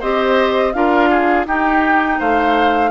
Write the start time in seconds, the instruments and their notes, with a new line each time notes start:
0.00 bassoon C4, clarinet G4, oboe C5, flute D#5
0.73 bassoon D4, clarinet F4, oboe A#4, flute F5
1.10 oboe G#4
1.46 bassoon D#4, clarinet D#4, oboe G4, flute G5
2.19 bassoon A3, oboe C5, flute F5